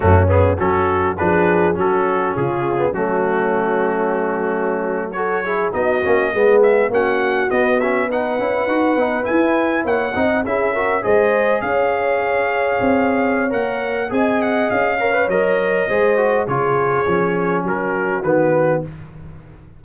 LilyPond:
<<
  \new Staff \with { instrumentName = "trumpet" } { \time 4/4 \tempo 4 = 102 fis'8 gis'8 a'4 b'4 a'4 | gis'4 fis'2.~ | fis'8. cis''4 dis''4. e''8 fis''16~ | fis''8. dis''8 e''8 fis''2 gis''16~ |
gis''8. fis''4 e''4 dis''4 f''16~ | f''2. fis''4 | gis''8 fis''8 f''4 dis''2 | cis''2 ais'4 b'4 | }
  \new Staff \with { instrumentName = "horn" } { \time 4/4 cis'4 fis'4 gis'4 fis'4 | f'4 cis'2.~ | cis'8. a'8 gis'8 fis'4 gis'4 fis'16~ | fis'4.~ fis'16 b'2~ b'16~ |
b'8. cis''8 dis''8 gis'8 ais'8 c''4 cis''16~ | cis''1 | dis''4. cis''4. c''4 | gis'2 fis'2 | }
  \new Staff \with { instrumentName = "trombone" } { \time 4/4 a8 b8 cis'4 d'4 cis'4~ | cis'8. b16 a2.~ | a8. fis'8 e'8 dis'8 cis'8 b4 cis'16~ | cis'8. b8 cis'8 dis'8 e'8 fis'8 dis'8 e'16~ |
e'4~ e'16 dis'8 e'8 fis'8 gis'4~ gis'16~ | gis'2. ais'4 | gis'4. ais'16 b'16 ais'4 gis'8 fis'8 | f'4 cis'2 b4 | }
  \new Staff \with { instrumentName = "tuba" } { \time 4/4 fis,4 fis4 f4 fis4 | cis4 fis2.~ | fis4.~ fis16 b8 ais8 gis4 ais16~ | ais8. b4. cis'8 dis'8 b8 e'16~ |
e'8. ais8 c'8 cis'4 gis4 cis'16~ | cis'4.~ cis'16 c'4~ c'16 ais4 | c'4 cis'4 fis4 gis4 | cis4 f4 fis4 dis4 | }
>>